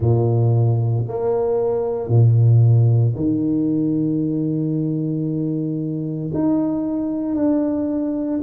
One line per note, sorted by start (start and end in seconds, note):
0.00 1.05 A#2
1.08 2.08 A#3
2.08 3.13 A#2
3.15 6.31 D#3
6.33 7.35 D#4
7.35 8.40 D4